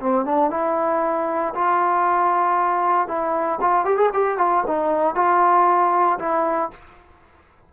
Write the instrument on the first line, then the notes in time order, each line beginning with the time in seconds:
trombone
0.00 C4
0.25 D4
0.50 E4
1.54 F4
3.08 E4
3.61 F4
3.85 G4
3.97 G#4
4.13 G4
4.38 F4
4.67 D#4
5.15 F4
6.19 E4